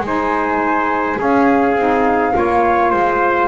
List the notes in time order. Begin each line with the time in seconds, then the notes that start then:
0.00 G#3 D#4 G#5
0.06 C5
1.16 C#4 G#4 F5
1.75 C4 D#4
2.32 A#3 F4 C#5
2.91 G#3 C5